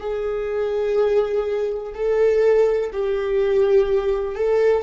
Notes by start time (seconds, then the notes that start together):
0.00 G#4
1.94 A4
2.93 G4
4.36 A4